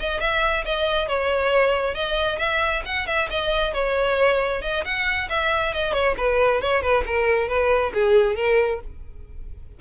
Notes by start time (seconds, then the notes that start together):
0.00 D#5
0.21 E5
0.65 D#5
1.08 C#5
1.95 D#5
2.39 E5
2.86 F#5
3.07 E5
3.30 D#5
3.74 C#5
4.62 D#5
4.85 F#5
5.30 E5
5.74 D#5
5.94 C#5
6.18 B4
6.62 C#5
6.83 B4
7.06 A#4
7.49 B4
7.94 G#4
8.36 A#4